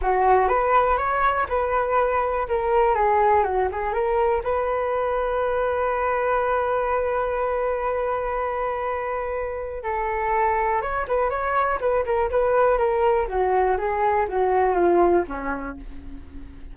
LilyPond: \new Staff \with { instrumentName = "flute" } { \time 4/4 \tempo 4 = 122 fis'4 b'4 cis''4 b'4~ | b'4 ais'4 gis'4 fis'8 gis'8 | ais'4 b'2.~ | b'1~ |
b'1 | a'2 cis''8 b'8 cis''4 | b'8 ais'8 b'4 ais'4 fis'4 | gis'4 fis'4 f'4 cis'4 | }